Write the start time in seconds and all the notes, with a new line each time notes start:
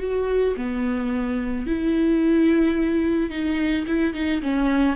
0.00 F#4
0.57 B3
1.67 E4
3.31 D#4
3.87 E4
4.14 D#4
4.42 C#4